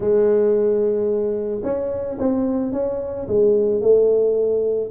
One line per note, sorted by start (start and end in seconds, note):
0.00 1.61 G#3
1.63 2.17 C#4
2.18 2.72 C4
2.72 3.27 C#4
3.27 3.81 G#3
3.81 4.90 A3